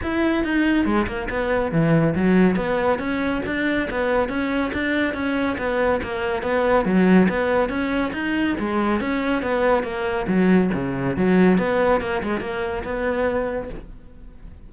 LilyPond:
\new Staff \with { instrumentName = "cello" } { \time 4/4 \tempo 4 = 140 e'4 dis'4 gis8 ais8 b4 | e4 fis4 b4 cis'4 | d'4 b4 cis'4 d'4 | cis'4 b4 ais4 b4 |
fis4 b4 cis'4 dis'4 | gis4 cis'4 b4 ais4 | fis4 cis4 fis4 b4 | ais8 gis8 ais4 b2 | }